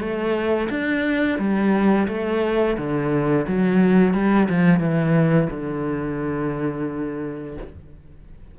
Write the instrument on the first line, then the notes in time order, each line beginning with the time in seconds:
cello
0.00 A3
0.70 D4
1.39 G3
2.08 A3
2.77 D3
3.48 F#3
4.14 G3
4.50 F3
4.80 E3
5.51 D3